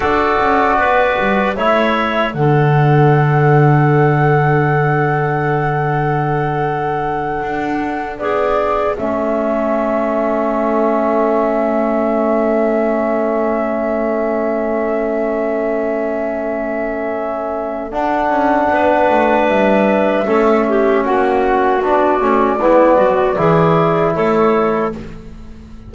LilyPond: <<
  \new Staff \with { instrumentName = "flute" } { \time 4/4 \tempo 4 = 77 d''2 e''4 fis''4~ | fis''1~ | fis''2~ fis''8 d''4 e''8~ | e''1~ |
e''1~ | e''2. fis''4~ | fis''4 e''2 fis''4 | d''2. cis''4 | }
  \new Staff \with { instrumentName = "clarinet" } { \time 4/4 a'4 b'4 cis''4 a'4~ | a'1~ | a'2~ a'8 gis'4 a'8~ | a'1~ |
a'1~ | a'1 | b'2 a'8 g'8 fis'4~ | fis'4 e'8 fis'8 gis'4 a'4 | }
  \new Staff \with { instrumentName = "trombone" } { \time 4/4 fis'2 e'4 d'4~ | d'1~ | d'2.~ d'8 cis'8~ | cis'1~ |
cis'1~ | cis'2. d'4~ | d'2 cis'2 | d'8 cis'8 b4 e'2 | }
  \new Staff \with { instrumentName = "double bass" } { \time 4/4 d'8 cis'8 b8 g8 a4 d4~ | d1~ | d4. d'4 b4 a8~ | a1~ |
a1~ | a2. d'8 cis'8 | b8 a8 g4 a4 ais4 | b8 a8 gis8 fis8 e4 a4 | }
>>